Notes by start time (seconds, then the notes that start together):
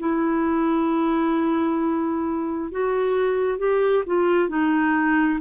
0.00 E4
2.72 F#4
3.59 G4
4.07 F4
4.49 D#4